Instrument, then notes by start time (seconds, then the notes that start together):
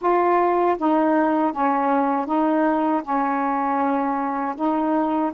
saxophone
0.01 F4
0.78 D#4
1.52 C#4
2.26 D#4
3.03 C#4
4.55 D#4